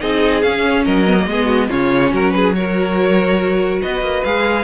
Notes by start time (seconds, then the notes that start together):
0.00 C4 D#4 G#4 D#5
0.42 C#4 F5
0.85 F#3 A#4 D#5
1.06 B3
1.19 A#3
1.26 G#3 B3 G#4
1.45 F#4
1.69 C#3 C#4 F4 C#5
2.12 F#3 F#4 A#4
2.31 G#4 B4
2.54 F#4 A#4 C#5
3.82 B3 B4 D#5
4.00 A#3
4.24 G#3 G#4 F5